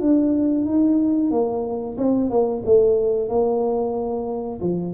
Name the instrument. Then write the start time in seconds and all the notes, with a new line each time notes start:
tuba
0.00 D4
0.65 D#4
1.30 A#3
1.97 C4
2.30 A#3
2.65 A3
3.28 A#3
4.60 F3